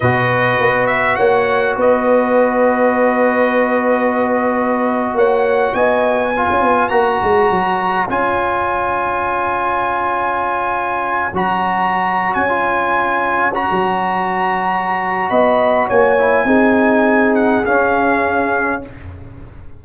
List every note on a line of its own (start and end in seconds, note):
0.00 0.60 B2
0.00 6.35 F#4
0.00 1.16 B4
0.00 0.86 D#5
0.60 1.18 B3
0.86 1.15 E5
1.15 1.76 A#3
1.15 1.75 C#5
1.15 1.74 F#5
1.76 5.14 B3
1.76 5.14 B4
1.76 5.17 D#5
5.14 5.73 A#3
5.14 5.74 C#5
5.14 5.74 F#5
5.74 6.47 B3
5.74 6.31 D#5
5.74 6.88 G#5
6.31 6.90 F4
6.31 15.28 C#5
6.50 6.62 C#4
6.62 6.91 B3
6.88 7.20 A#3
6.88 8.07 F#4
6.88 8.06 A#5
7.23 7.50 G#3
7.50 8.08 F#3
8.08 11.32 C#4
8.08 11.32 F4
8.08 11.33 G#5
11.33 12.35 F#3
11.33 12.49 F#4
11.33 12.33 A#5
12.33 13.68 C#4
12.33 13.51 G#5
12.49 13.51 F4
13.54 16.18 F#4
13.54 15.29 A#5
13.70 15.30 F#3
15.29 15.89 B3
15.29 15.87 D#5
15.29 15.88 B5
15.87 16.44 A#3
15.87 16.46 C#5
15.87 17.35 G#5
16.18 16.46 E4
16.44 17.62 C4
16.44 17.64 D#4
16.44 18.81 G#4
17.35 17.64 F#5
17.64 18.81 C#4
17.64 18.84 C#4
17.64 18.82 F5